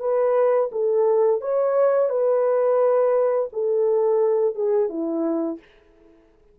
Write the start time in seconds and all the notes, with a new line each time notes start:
0.00 B4
0.72 A4
1.41 C#5
2.10 B4
3.53 A4
4.55 G#4
4.89 E4